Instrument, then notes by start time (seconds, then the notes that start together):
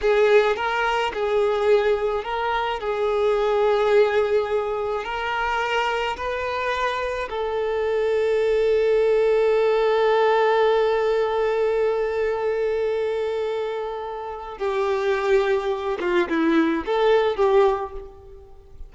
violin
0.01 G#4
0.56 A#4
1.13 G#4
2.24 A#4
2.80 G#4
5.04 A#4
6.16 B4
7.29 A4
14.58 G4
16.00 F4
16.28 E4
16.85 A4
17.36 G4